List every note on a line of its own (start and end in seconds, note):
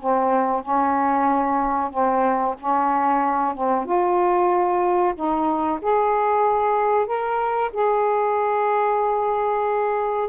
0.00 0.63 C4
0.63 1.91 C#4
1.91 2.55 C4
2.60 3.55 C#4
3.55 3.85 C4
3.85 5.14 F4
5.15 5.80 D#4
5.82 7.07 G#4
7.07 7.71 A#4
7.73 10.30 G#4